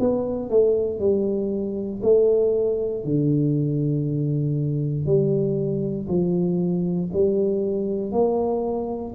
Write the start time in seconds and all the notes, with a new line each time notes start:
0.00 B3
0.50 A3
0.99 G3
2.02 A3
3.04 D3
5.06 G3
6.08 F3
7.13 G3
8.12 A#3